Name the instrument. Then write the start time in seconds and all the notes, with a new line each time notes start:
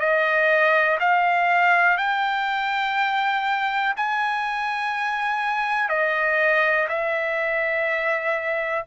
trumpet
0.00 D#5
1.00 F5
1.98 G5
3.97 G#5
5.89 D#5
6.89 E5